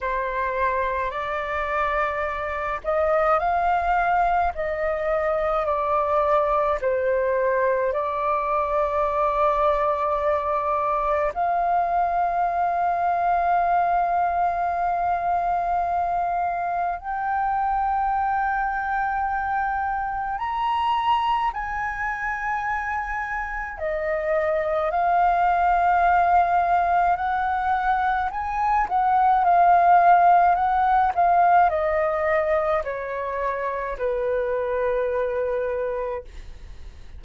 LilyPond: \new Staff \with { instrumentName = "flute" } { \time 4/4 \tempo 4 = 53 c''4 d''4. dis''8 f''4 | dis''4 d''4 c''4 d''4~ | d''2 f''2~ | f''2. g''4~ |
g''2 ais''4 gis''4~ | gis''4 dis''4 f''2 | fis''4 gis''8 fis''8 f''4 fis''8 f''8 | dis''4 cis''4 b'2 | }